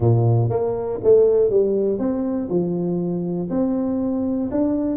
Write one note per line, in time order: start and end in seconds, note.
0.00 0.49 A#2
0.49 0.99 A#3
1.03 1.50 A3
1.50 1.98 G3
1.98 2.48 C4
2.49 3.49 F3
3.50 4.50 C4
4.51 4.96 D4